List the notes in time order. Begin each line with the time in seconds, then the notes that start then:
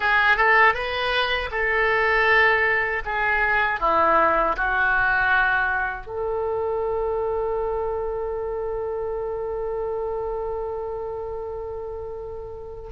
0.00 G#4
0.37 A4
0.74 B4
1.51 A4
3.05 G#4
3.80 E4
4.56 F#4
6.06 A4